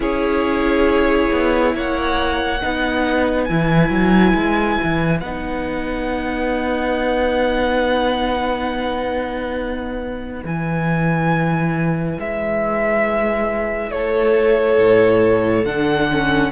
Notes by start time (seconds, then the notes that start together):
0.00 C#4 E4 G#4 C#5
1.31 B3
1.74 A#3 C#5 F#5
2.61 B3 D#4 B4
3.43 E3 E4 G#5
3.89 F#3
4.34 G#3
4.83 E3
5.20 B3 D#4 F#5
10.44 E3 E4 G#5
12.18 G#3 E5
13.91 A3 A4 C#5
14.78 A2
15.64 D3 D4 F#5
16.11 C#4